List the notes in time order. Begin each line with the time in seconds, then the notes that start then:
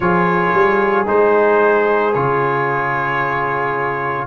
0.00 F3 F4 G#4 C#5
0.53 G3
1.06 G#3 D#4 C5
2.13 C#3 F4 C#5